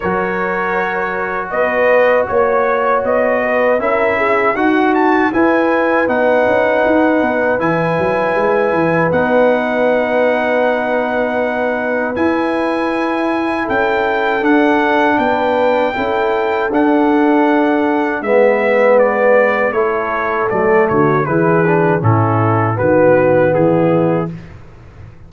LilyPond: <<
  \new Staff \with { instrumentName = "trumpet" } { \time 4/4 \tempo 4 = 79 cis''2 dis''4 cis''4 | dis''4 e''4 fis''8 a''8 gis''4 | fis''2 gis''2 | fis''1 |
gis''2 g''4 fis''4 | g''2 fis''2 | e''4 d''4 cis''4 d''8 cis''8 | b'4 a'4 b'4 gis'4 | }
  \new Staff \with { instrumentName = "horn" } { \time 4/4 ais'2 b'4 cis''4~ | cis''8 b'8 ais'8 gis'8 fis'4 b'4~ | b'1~ | b'1~ |
b'2 a'2 | b'4 a'2. | b'2 a'4. fis'8 | gis'4 e'4 fis'4 e'4 | }
  \new Staff \with { instrumentName = "trombone" } { \time 4/4 fis'1~ | fis'4 e'4 fis'4 e'4 | dis'2 e'2 | dis'1 |
e'2. d'4~ | d'4 e'4 d'2 | b2 e'4 a4 | e'8 d'8 cis'4 b2 | }
  \new Staff \with { instrumentName = "tuba" } { \time 4/4 fis2 b4 ais4 | b4 cis'4 dis'4 e'4 | b8 cis'8 dis'8 b8 e8 fis8 gis8 e8 | b1 |
e'2 cis'4 d'4 | b4 cis'4 d'2 | gis2 a4 fis8 d8 | e4 a,4 dis4 e4 | }
>>